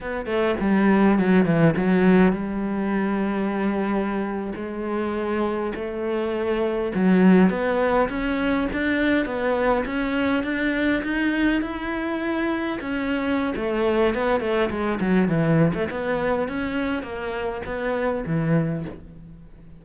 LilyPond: \new Staff \with { instrumentName = "cello" } { \time 4/4 \tempo 4 = 102 b8 a8 g4 fis8 e8 fis4 | g2.~ g8. gis16~ | gis4.~ gis16 a2 fis16~ | fis8. b4 cis'4 d'4 b16~ |
b8. cis'4 d'4 dis'4 e'16~ | e'4.~ e'16 cis'4~ cis'16 a4 | b8 a8 gis8 fis8 e8. a16 b4 | cis'4 ais4 b4 e4 | }